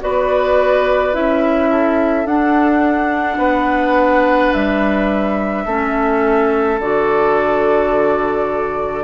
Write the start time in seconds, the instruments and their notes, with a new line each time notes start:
0.00 bassoon B3, clarinet F#4, oboe B4, flute D5
1.12 bassoon C#4, clarinet E4, flute E5
1.70 oboe A4
2.25 bassoon D4, clarinet D4, flute F#5
3.37 bassoon B3, oboe B4
4.53 bassoon G3, flute E5
5.66 bassoon A3, clarinet C#4, oboe A4
6.79 bassoon D3, clarinet F#4, flute D5